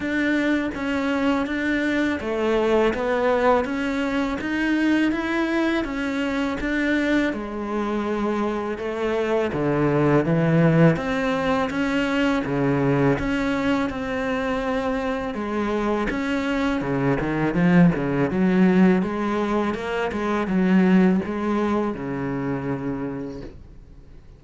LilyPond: \new Staff \with { instrumentName = "cello" } { \time 4/4 \tempo 4 = 82 d'4 cis'4 d'4 a4 | b4 cis'4 dis'4 e'4 | cis'4 d'4 gis2 | a4 d4 e4 c'4 |
cis'4 cis4 cis'4 c'4~ | c'4 gis4 cis'4 cis8 dis8 | f8 cis8 fis4 gis4 ais8 gis8 | fis4 gis4 cis2 | }